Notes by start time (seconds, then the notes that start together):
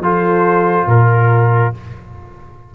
0.00 F3 F4 A4 C5
0.86 A#2 A#4